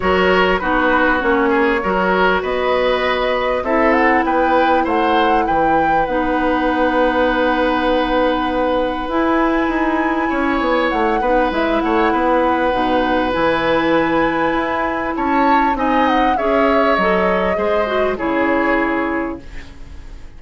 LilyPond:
<<
  \new Staff \with { instrumentName = "flute" } { \time 4/4 \tempo 4 = 99 cis''4 b'4 cis''2 | dis''2 e''8 fis''8 g''4 | fis''4 g''4 fis''2~ | fis''2. gis''4~ |
gis''2 fis''4 e''8 fis''8~ | fis''2 gis''2~ | gis''4 a''4 gis''8 fis''8 e''4 | dis''2 cis''2 | }
  \new Staff \with { instrumentName = "oboe" } { \time 4/4 ais'4 fis'4. gis'8 ais'4 | b'2 a'4 b'4 | c''4 b'2.~ | b'1~ |
b'4 cis''4. b'4 cis''8 | b'1~ | b'4 cis''4 dis''4 cis''4~ | cis''4 c''4 gis'2 | }
  \new Staff \with { instrumentName = "clarinet" } { \time 4/4 fis'4 dis'4 cis'4 fis'4~ | fis'2 e'2~ | e'2 dis'2~ | dis'2. e'4~ |
e'2~ e'8 dis'8 e'4~ | e'4 dis'4 e'2~ | e'2 dis'4 gis'4 | a'4 gis'8 fis'8 e'2 | }
  \new Staff \with { instrumentName = "bassoon" } { \time 4/4 fis4 b4 ais4 fis4 | b2 c'4 b4 | a4 e4 b2~ | b2. e'4 |
dis'4 cis'8 b8 a8 b8 gis8 a8 | b4 b,4 e2 | e'4 cis'4 c'4 cis'4 | fis4 gis4 cis2 | }
>>